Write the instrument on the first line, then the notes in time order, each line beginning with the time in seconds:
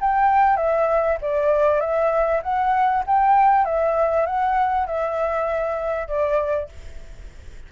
flute
0.00 G5
0.56 E5
1.21 D5
1.80 E5
2.42 F#5
3.06 G5
3.64 E5
4.26 F#5
4.86 E5
6.07 D5